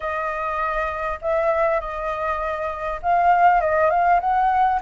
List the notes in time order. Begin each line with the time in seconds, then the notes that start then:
0.00 D#5
1.21 E5
1.80 D#5
3.02 F5
3.61 D#5
3.90 F5
4.20 F#5